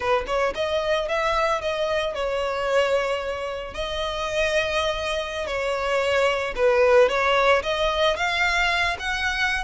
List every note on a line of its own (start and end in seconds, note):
0.00 0.24 B4
0.26 0.53 C#5
0.54 1.08 D#5
1.08 1.61 E5
1.61 2.14 D#5
2.14 3.74 C#5
3.74 5.46 D#5
5.46 6.54 C#5
6.55 7.09 B4
7.09 7.62 C#5
7.62 8.16 D#5
8.16 8.97 F5
8.99 9.64 F#5